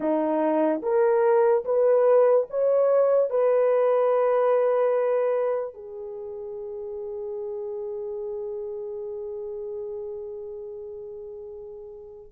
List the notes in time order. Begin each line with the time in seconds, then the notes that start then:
0.00 D#4
0.82 A#4
1.64 B4
2.50 C#5
3.30 B4
5.73 G#4